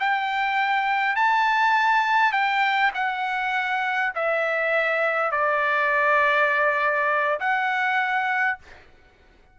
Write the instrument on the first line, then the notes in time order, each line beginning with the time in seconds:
trumpet
0.00 G5
1.16 A5
2.32 G5
2.94 F#5
4.15 E5
5.31 D5
7.40 F#5